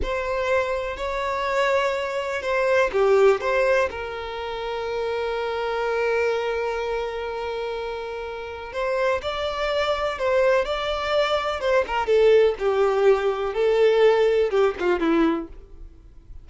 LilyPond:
\new Staff \with { instrumentName = "violin" } { \time 4/4 \tempo 4 = 124 c''2 cis''2~ | cis''4 c''4 g'4 c''4 | ais'1~ | ais'1~ |
ais'2 c''4 d''4~ | d''4 c''4 d''2 | c''8 ais'8 a'4 g'2 | a'2 g'8 f'8 e'4 | }